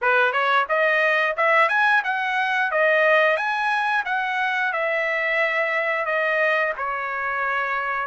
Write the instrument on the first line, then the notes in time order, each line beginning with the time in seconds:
trumpet
0.01 B4
0.32 C#5
0.68 D#5
1.37 E5
1.69 G#5
2.04 F#5
2.71 D#5
3.36 G#5
4.05 F#5
4.73 E5
6.05 D#5
6.77 C#5